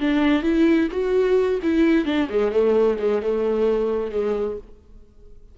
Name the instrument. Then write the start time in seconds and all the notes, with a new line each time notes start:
viola
0.00 D4
0.43 E4
0.92 F#4
1.63 E4
2.05 D4
2.30 G#3
2.52 A3
2.99 G#3
3.22 A3
4.12 G#3